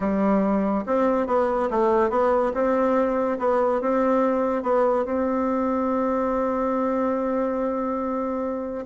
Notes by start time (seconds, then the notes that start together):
0.00 G3
0.86 C4
1.26 B3
1.70 A3
2.10 B3
2.54 C4
3.38 B3
3.81 C4
4.63 B3
5.05 C4